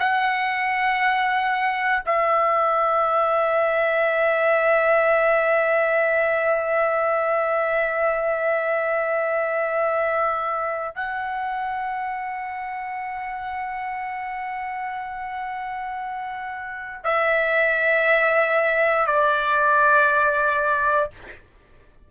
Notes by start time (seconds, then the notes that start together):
0.00 F#5
2.06 E5
10.96 F#5
17.04 E5
19.07 D5